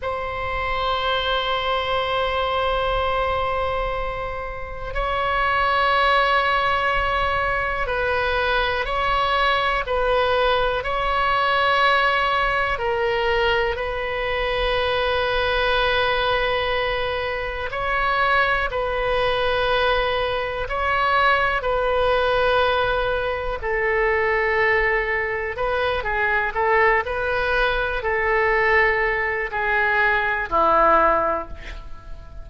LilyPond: \new Staff \with { instrumentName = "oboe" } { \time 4/4 \tempo 4 = 61 c''1~ | c''4 cis''2. | b'4 cis''4 b'4 cis''4~ | cis''4 ais'4 b'2~ |
b'2 cis''4 b'4~ | b'4 cis''4 b'2 | a'2 b'8 gis'8 a'8 b'8~ | b'8 a'4. gis'4 e'4 | }